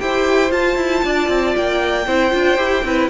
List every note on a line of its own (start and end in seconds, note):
0.00 0.52 E4
0.00 0.49 G4
0.00 1.05 C5
0.00 0.52 G5
0.49 2.05 F4
0.49 0.77 F4
0.49 1.56 A5
0.77 1.03 E4
1.05 1.29 D4
1.05 2.08 D5
1.29 1.55 C4
1.57 2.08 A#3
1.57 3.10 G5
2.07 2.34 C4
2.07 2.32 E4
2.07 2.85 C5
2.32 2.58 D4
2.32 2.57 F4
2.58 2.84 E4
2.58 2.83 G4
2.84 3.10 C4
2.84 3.10 E4
2.84 3.10 B4